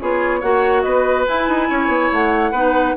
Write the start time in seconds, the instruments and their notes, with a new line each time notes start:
0.00 bassoon B3, clarinet F4, oboe G#4, flute C#5
0.40 bassoon A#3, clarinet F#4, oboe C#5, flute F#5
0.82 bassoon B3, oboe B4, flute D#5
1.27 clarinet E4, bassoon E4, flute G#5
1.48 bassoon D#4
1.69 bassoon C#4, oboe C#5
1.88 bassoon B3
2.12 bassoon A3, flute F#5
2.51 bassoon B3, clarinet D#4, oboe B4